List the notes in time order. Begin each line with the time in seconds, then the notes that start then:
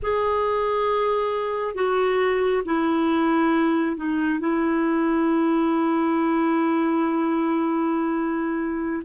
0.02 G#4
1.74 F#4
2.65 E4
3.96 D#4
4.39 E4